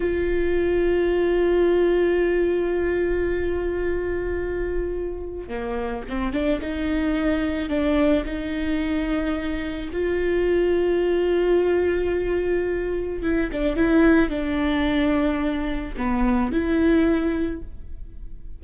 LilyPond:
\new Staff \with { instrumentName = "viola" } { \time 4/4 \tempo 4 = 109 f'1~ | f'1~ | f'2 ais4 c'8 d'8 | dis'2 d'4 dis'4~ |
dis'2 f'2~ | f'1 | e'8 d'8 e'4 d'2~ | d'4 b4 e'2 | }